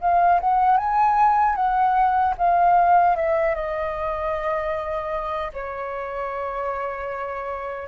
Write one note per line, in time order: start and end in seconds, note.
0.00 0.39 F5
0.40 0.77 F#5
0.77 1.55 G#5
1.55 2.34 F#5
2.38 3.16 F5
3.16 3.55 E5
3.55 5.52 D#5
5.53 7.88 C#5